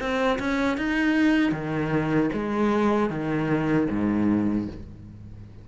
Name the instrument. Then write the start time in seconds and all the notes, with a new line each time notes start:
cello
0.00 C4
0.39 C#4
0.78 D#4
1.52 D#3
2.33 G#3
3.10 D#3
3.90 G#2